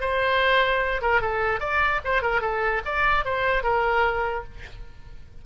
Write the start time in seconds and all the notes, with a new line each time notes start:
0.00 C5
1.01 A#4
1.21 A4
1.60 D5
2.04 C5
2.21 A#4
2.41 A4
2.85 D5
3.25 C5
3.63 A#4